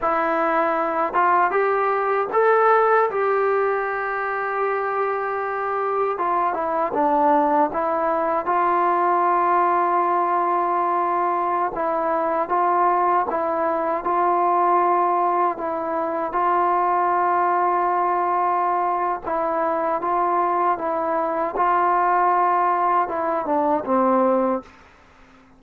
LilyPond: \new Staff \with { instrumentName = "trombone" } { \time 4/4 \tempo 4 = 78 e'4. f'8 g'4 a'4 | g'1 | f'8 e'8 d'4 e'4 f'4~ | f'2.~ f'16 e'8.~ |
e'16 f'4 e'4 f'4.~ f'16~ | f'16 e'4 f'2~ f'8.~ | f'4 e'4 f'4 e'4 | f'2 e'8 d'8 c'4 | }